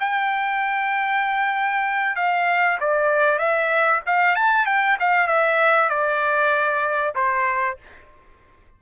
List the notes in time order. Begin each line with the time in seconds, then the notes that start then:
0.00 G5
2.16 F5
2.80 D5
3.39 E5
4.06 F5
4.36 A5
4.66 G5
5.00 F5
5.28 E5
5.89 D5
7.15 C5